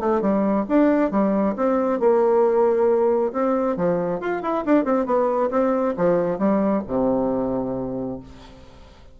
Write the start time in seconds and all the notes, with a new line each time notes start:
0.00 A3
0.21 G3
0.69 D4
1.11 G3
1.56 C4
2.00 A#3
3.33 C4
3.77 F3
4.21 F4
4.43 E4
4.66 D4
4.85 C4
5.06 B3
5.51 C4
5.97 F3
6.39 G3
6.88 C3